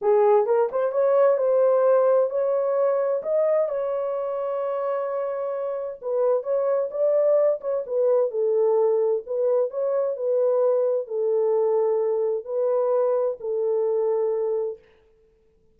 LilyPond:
\new Staff \with { instrumentName = "horn" } { \time 4/4 \tempo 4 = 130 gis'4 ais'8 c''8 cis''4 c''4~ | c''4 cis''2 dis''4 | cis''1~ | cis''4 b'4 cis''4 d''4~ |
d''8 cis''8 b'4 a'2 | b'4 cis''4 b'2 | a'2. b'4~ | b'4 a'2. | }